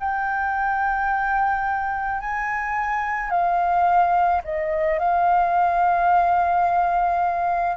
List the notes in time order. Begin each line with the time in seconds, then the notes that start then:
0.00 G5
2.20 G#5
3.30 F5
4.44 D#5
4.99 F5